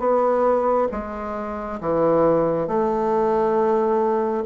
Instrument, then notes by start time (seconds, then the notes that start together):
bassoon
0.00 B3
0.92 G#3
1.81 E3
2.68 A3